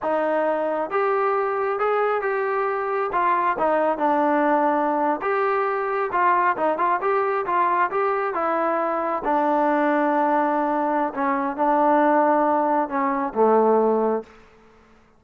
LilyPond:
\new Staff \with { instrumentName = "trombone" } { \time 4/4 \tempo 4 = 135 dis'2 g'2 | gis'4 g'2 f'4 | dis'4 d'2~ d'8. g'16~ | g'4.~ g'16 f'4 dis'8 f'8 g'16~ |
g'8. f'4 g'4 e'4~ e'16~ | e'8. d'2.~ d'16~ | d'4 cis'4 d'2~ | d'4 cis'4 a2 | }